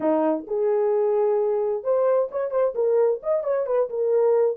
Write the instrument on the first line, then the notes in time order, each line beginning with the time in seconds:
horn
0.00 D#4
0.47 G#4
1.83 C5
2.31 C#5
2.51 C5
2.75 A#4
3.22 D#5
3.43 C#5
3.66 B4
3.89 A#4